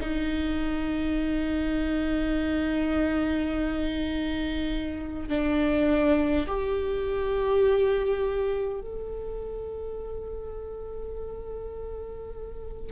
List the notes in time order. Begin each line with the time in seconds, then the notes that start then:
0.00 D#4
5.28 D4
6.47 G4
8.80 A4